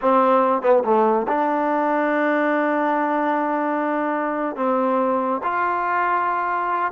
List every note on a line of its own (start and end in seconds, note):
0.01 0.62 C4
0.62 0.83 B3
0.84 1.27 A3
1.27 4.56 D4
4.56 5.41 C4
5.43 6.91 F4